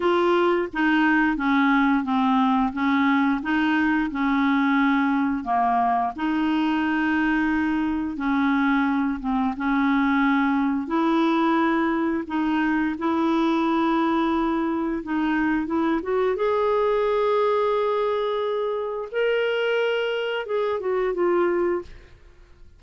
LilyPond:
\new Staff \with { instrumentName = "clarinet" } { \time 4/4 \tempo 4 = 88 f'4 dis'4 cis'4 c'4 | cis'4 dis'4 cis'2 | ais4 dis'2. | cis'4. c'8 cis'2 |
e'2 dis'4 e'4~ | e'2 dis'4 e'8 fis'8 | gis'1 | ais'2 gis'8 fis'8 f'4 | }